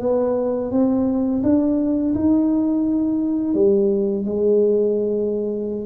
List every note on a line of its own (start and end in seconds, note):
0.00 0.71 B3
0.71 1.42 C4
1.43 2.14 D4
2.15 3.54 D#4
3.54 4.25 G3
4.25 5.85 G#3